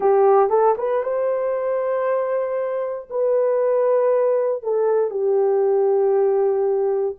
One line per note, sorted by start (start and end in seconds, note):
0.00 0.49 G4
0.49 0.75 A4
0.77 1.03 B4
1.03 3.08 C5
3.10 4.62 B4
4.62 5.10 A4
5.10 7.15 G4